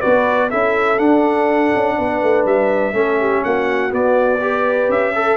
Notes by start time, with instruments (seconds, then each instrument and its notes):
0.00 tuba B3, trombone F#4, horn B4, trumpet D5
0.50 tuba C#4, trombone E4, horn A4, trumpet E5
0.98 trombone D4, tuba D4, trumpet F#5
1.75 tuba C#4
1.98 tuba B3, horn B4
2.22 tuba A3
2.45 tuba G3, trumpet E5
2.93 tuba A3, trombone C#4, horn A4
3.19 horn G4
3.43 tuba A#3, horn F#4, trumpet F#5
3.90 trombone B3, tuba B3, trumpet D5
4.40 trombone G4, horn B4
4.89 tuba C#4, trumpet E5
5.15 horn A4, trombone A4